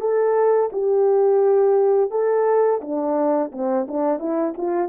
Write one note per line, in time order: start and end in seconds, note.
0.00 0.70 A4
0.72 2.10 G4
2.10 2.80 A4
2.81 3.51 D4
3.51 3.86 C4
3.88 4.19 D4
4.19 4.53 E4
4.57 4.88 F4